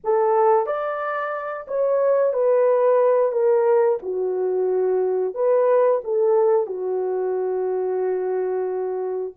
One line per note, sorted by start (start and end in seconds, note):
0.04 0.66 A4
0.66 1.66 D5
1.67 2.33 C#5
2.33 3.32 B4
3.32 3.98 A#4
4.02 5.34 F#4
5.34 6.01 B4
6.04 6.66 A4
6.66 9.33 F#4